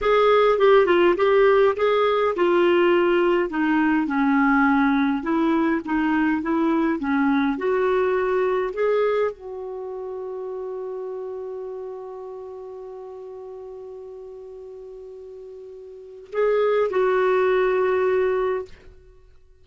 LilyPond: \new Staff \with { instrumentName = "clarinet" } { \time 4/4 \tempo 4 = 103 gis'4 g'8 f'8 g'4 gis'4 | f'2 dis'4 cis'4~ | cis'4 e'4 dis'4 e'4 | cis'4 fis'2 gis'4 |
fis'1~ | fis'1~ | fis'1 | gis'4 fis'2. | }